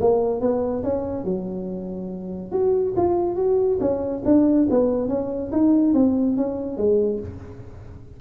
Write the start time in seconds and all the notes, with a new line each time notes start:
0.00 A#3
0.40 B3
0.83 C#4
1.24 F#3
2.52 F#4
2.97 F4
3.36 F#4
3.80 C#4
4.25 D4
4.70 B3
5.08 C#4
5.52 D#4
5.94 C4
6.36 C#4
6.77 G#3